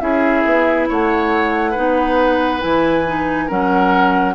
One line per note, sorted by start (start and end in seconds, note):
0.00 0.44 C#4
0.00 1.74 E4
0.00 0.89 G#4
0.00 0.87 E5
0.45 0.89 B3
0.89 1.77 A3
0.89 1.71 C#5
0.89 2.62 F#5
1.71 2.60 D#4
1.71 3.45 B4
1.77 2.63 B3
2.60 3.50 E3
2.60 3.04 E4
2.60 3.49 G#5
3.07 3.49 D#4
3.47 4.35 F#3
3.47 4.35 C#4
3.47 4.34 A#4
3.47 4.35 F#5